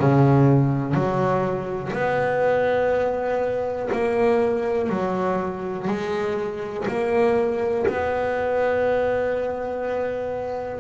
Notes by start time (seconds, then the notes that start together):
0.00 C#3
0.94 F#3
1.93 B3
3.93 A#3
4.90 F#3
5.88 G#3
6.88 A#3
7.87 B3